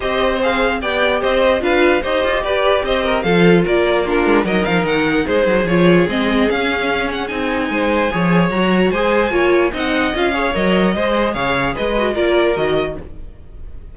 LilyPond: <<
  \new Staff \with { instrumentName = "violin" } { \time 4/4 \tempo 4 = 148 dis''4 f''4 g''4 dis''4 | f''4 dis''4 d''4 dis''4 | f''4 d''4 ais'4 dis''8 f''8 | fis''4 c''4 cis''4 dis''4 |
f''4. fis''8 gis''2~ | gis''4 ais''4 gis''2 | fis''4 f''4 dis''2 | f''4 dis''4 d''4 dis''4 | }
  \new Staff \with { instrumentName = "violin" } { \time 4/4 c''2 d''4 c''4 | b'4 c''4 b'4 c''8 ais'8 | a'4 ais'4 f'4 ais'4~ | ais'4 gis'2.~ |
gis'2. c''4 | cis''2 c''4 cis''4 | dis''4. cis''4. c''4 | cis''4 b'4 ais'2 | }
  \new Staff \with { instrumentName = "viola" } { \time 4/4 g'4 gis'4 g'2 | f'4 g'2. | f'2 d'4 dis'4~ | dis'2 f'4 c'4 |
cis'2 dis'2 | gis'4 fis'4 gis'4 f'4 | dis'4 f'8 gis'8 ais'4 gis'4~ | gis'4. fis'8 f'4 fis'4 | }
  \new Staff \with { instrumentName = "cello" } { \time 4/4 c'2 b4 c'4 | d'4 dis'8 f'8 g'4 c'4 | f4 ais4. gis8 fis8 f8 | dis4 gis8 fis8 f4 gis4 |
cis'2 c'4 gis4 | f4 fis4 gis4 ais4 | c'4 cis'4 fis4 gis4 | cis4 gis4 ais4 dis4 | }
>>